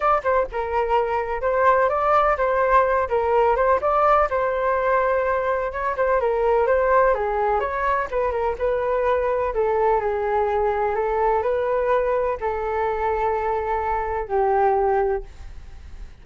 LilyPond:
\new Staff \with { instrumentName = "flute" } { \time 4/4 \tempo 4 = 126 d''8 c''8 ais'2 c''4 | d''4 c''4. ais'4 c''8 | d''4 c''2. | cis''8 c''8 ais'4 c''4 gis'4 |
cis''4 b'8 ais'8 b'2 | a'4 gis'2 a'4 | b'2 a'2~ | a'2 g'2 | }